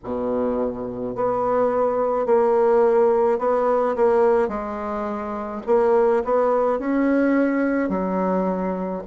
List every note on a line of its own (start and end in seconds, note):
0.04 1.15 B2
1.15 2.25 B3
2.25 3.39 A#3
3.39 3.95 B3
3.96 4.48 A#3
4.48 5.61 G#3
5.66 6.23 A#3
6.24 6.79 B3
6.79 7.89 C#4
7.89 9.02 F#3